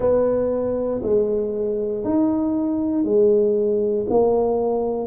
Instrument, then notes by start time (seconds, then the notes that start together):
tuba
0.00 B3
1.02 G#3
2.04 D#4
3.04 G#3
4.09 A#3